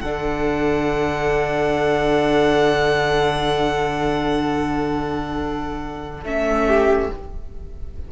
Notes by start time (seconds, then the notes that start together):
0.00 D3 D4 A4 F#5
6.24 A3 C#4 E5
6.68 G4